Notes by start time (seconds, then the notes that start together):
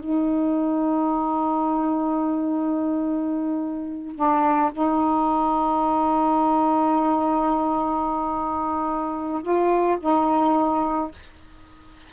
0.00 D#4
4.16 D4
4.73 D#4
9.43 F4
10.01 D#4